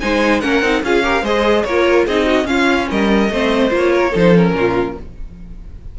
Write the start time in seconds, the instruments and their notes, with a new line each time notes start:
0.00 cello G#3, viola D#4, violin C5 G#5
0.40 cello A#3, viola C#4, violin A#4 F#5
0.62 cello C4, viola D#4
0.83 cello C#4, viola F4, violin G#4 F5
1.02 viola G4, violin A#4
1.22 cello G#3, viola G#4, violin C5 D#5
1.63 cello A#3, viola F4, violin A#4 C#5
2.06 cello C4, viola D#4, violin G#4 D#5
2.26 violin F#4
2.44 viola C#4, cello C#4, violin F4 F5
2.90 cello G3, violin A#4 D#5
3.30 cello A3, viola C4, violin C5
3.70 cello A#3, viola F4
3.77 violin C#5
3.93 violin A#4
4.11 cello F3, viola D#4, violin A4
4.17 violin C5
4.34 viola C#4, violin A#4
4.52 cello A#2, violin F4